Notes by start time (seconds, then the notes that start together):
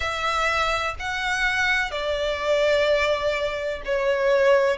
0.00 E5
0.99 F#5
1.91 D5
3.85 C#5